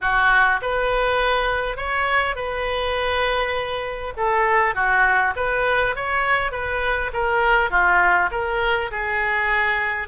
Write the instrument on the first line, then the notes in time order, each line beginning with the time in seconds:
oboe
0.01 F#4
0.61 B4
1.76 C#5
2.35 B4
4.16 A4
4.74 F#4
5.36 B4
5.95 C#5
6.51 B4
7.13 A#4
7.70 F4
8.31 A#4
8.91 G#4